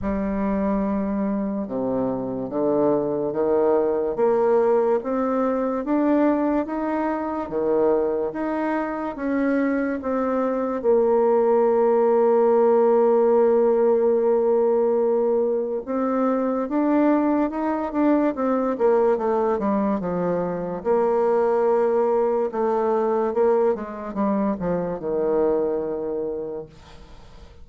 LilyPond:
\new Staff \with { instrumentName = "bassoon" } { \time 4/4 \tempo 4 = 72 g2 c4 d4 | dis4 ais4 c'4 d'4 | dis'4 dis4 dis'4 cis'4 | c'4 ais2.~ |
ais2. c'4 | d'4 dis'8 d'8 c'8 ais8 a8 g8 | f4 ais2 a4 | ais8 gis8 g8 f8 dis2 | }